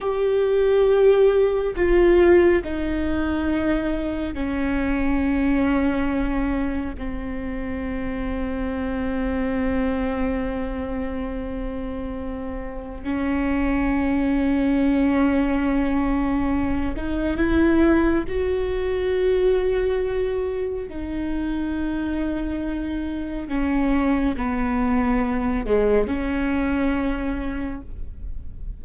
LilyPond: \new Staff \with { instrumentName = "viola" } { \time 4/4 \tempo 4 = 69 g'2 f'4 dis'4~ | dis'4 cis'2. | c'1~ | c'2. cis'4~ |
cis'2.~ cis'8 dis'8 | e'4 fis'2. | dis'2. cis'4 | b4. gis8 cis'2 | }